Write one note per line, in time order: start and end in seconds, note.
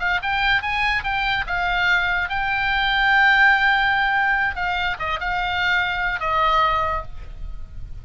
0.00 0.21 F5
0.23 0.62 G5
0.62 1.04 G#5
1.04 1.45 G5
1.47 2.29 F5
2.29 4.56 G5
4.56 4.97 F5
4.99 5.20 D#5
5.20 6.20 F5
6.20 7.03 D#5